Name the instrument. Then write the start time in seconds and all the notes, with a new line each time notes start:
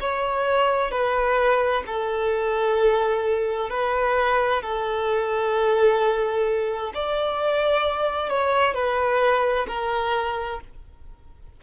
violin
0.00 C#5
0.91 B4
1.86 A4
3.70 B4
4.62 A4
6.94 D5
8.30 C#5
8.74 B4
9.68 A#4